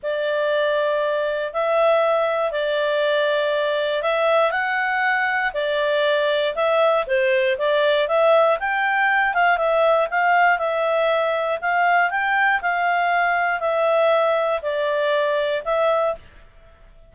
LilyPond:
\new Staff \with { instrumentName = "clarinet" } { \time 4/4 \tempo 4 = 119 d''2. e''4~ | e''4 d''2. | e''4 fis''2 d''4~ | d''4 e''4 c''4 d''4 |
e''4 g''4. f''8 e''4 | f''4 e''2 f''4 | g''4 f''2 e''4~ | e''4 d''2 e''4 | }